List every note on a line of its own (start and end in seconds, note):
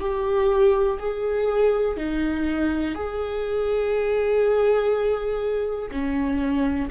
0.00 0.98 G4
0.99 1.96 G#4
1.96 2.95 D#4
2.95 5.90 G#4
5.91 6.89 C#4